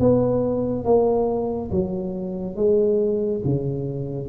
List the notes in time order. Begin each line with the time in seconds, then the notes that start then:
0.00 B3
0.85 A#3
1.71 F#3
2.56 G#3
3.45 C#3